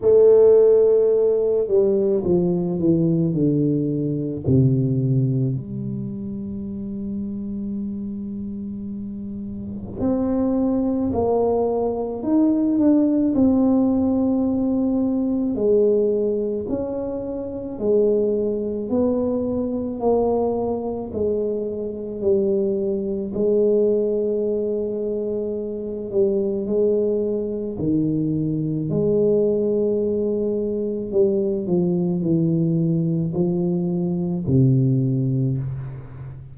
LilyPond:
\new Staff \with { instrumentName = "tuba" } { \time 4/4 \tempo 4 = 54 a4. g8 f8 e8 d4 | c4 g2.~ | g4 c'4 ais4 dis'8 d'8 | c'2 gis4 cis'4 |
gis4 b4 ais4 gis4 | g4 gis2~ gis8 g8 | gis4 dis4 gis2 | g8 f8 e4 f4 c4 | }